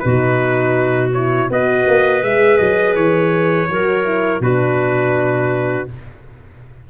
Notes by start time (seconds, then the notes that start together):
0.00 B2 D#4 F#4 B4
1.14 E4 C#5
1.49 B3 F#4 B4 D#5
1.88 A#3
2.23 G#3 G#4 E5
2.58 F#3 D#5
2.96 E3 C#5
3.70 F#3 F#4 A#4
4.05 E4
4.41 B2 D4 F#4 B4